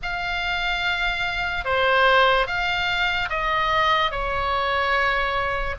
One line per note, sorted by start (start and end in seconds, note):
0.02 1.64 F5
1.64 2.46 C5
2.46 3.28 F5
3.29 4.11 D#5
4.11 5.75 C#5